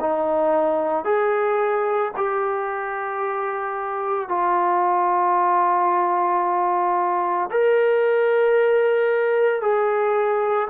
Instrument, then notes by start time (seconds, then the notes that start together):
trombone
0.00 D#4
1.05 G#4
2.17 G4
4.29 F4
7.51 A#4
9.61 G#4